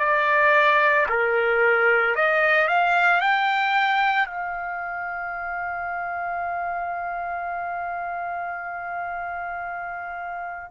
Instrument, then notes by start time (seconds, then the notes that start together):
trumpet
0.00 D5
1.10 A#4
2.16 D#5
2.68 F5
3.21 G5
4.27 F5